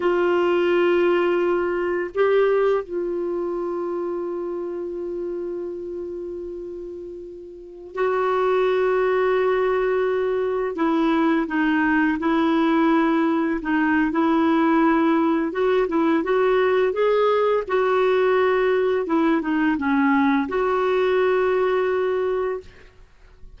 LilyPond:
\new Staff \with { instrumentName = "clarinet" } { \time 4/4 \tempo 4 = 85 f'2. g'4 | f'1~ | f'2.~ f'16 fis'8.~ | fis'2.~ fis'16 e'8.~ |
e'16 dis'4 e'2 dis'8. | e'2 fis'8 e'8 fis'4 | gis'4 fis'2 e'8 dis'8 | cis'4 fis'2. | }